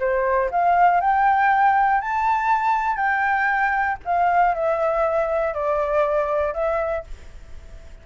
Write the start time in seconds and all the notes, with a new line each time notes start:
0.00 C5
0.51 F5
1.01 G5
2.01 A5
2.97 G5
4.05 F5
4.55 E5
5.54 D5
6.54 E5